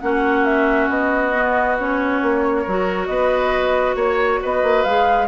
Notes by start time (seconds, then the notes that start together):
0.00 A#3 C#4 F#4 F#5
0.44 E5
0.89 B3 D#5
1.33 B3
1.78 C#4 C#5
2.21 A#3
2.62 F#3 F#4 A#4
3.06 B3 B4 D#5
3.95 A#3 C#5
4.42 B3 B4 D#5
4.62 A#3
4.84 G#3 G#4 F5